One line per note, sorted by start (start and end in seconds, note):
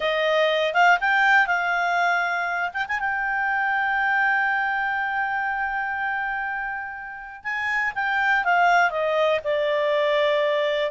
0.00 0.73 D#5
0.73 0.98 F5
1.00 1.47 G5
1.47 2.70 F5
2.73 2.86 G5
2.88 2.99 G#5
2.99 7.43 G5
7.43 7.93 G#5
7.94 8.44 G5
8.44 8.90 F5
8.90 9.40 D#5
9.43 10.91 D5